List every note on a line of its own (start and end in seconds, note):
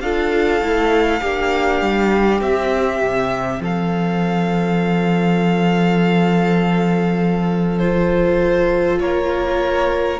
0.00 0.60 D4
0.00 0.61 F4
0.00 1.21 A4
0.00 2.40 F5
0.60 1.20 A3
0.60 1.21 E4
1.21 1.80 A#3
1.21 2.42 D4
1.21 3.60 G4
1.80 2.40 G3
2.40 3.00 C4
2.40 7.81 C4
2.40 3.62 E5
3.01 3.60 C3
3.60 9.00 F3
3.60 9.01 A4
3.60 7.78 F5
7.78 10.19 F4
7.78 8.98 C5
9.00 10.19 A#3
9.00 10.19 A#4
9.00 10.19 C#5